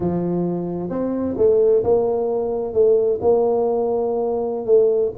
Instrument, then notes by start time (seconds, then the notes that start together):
tuba
0.00 F3
0.89 C4
1.37 A3
1.83 A#3
2.73 A3
3.21 A#3
4.65 A3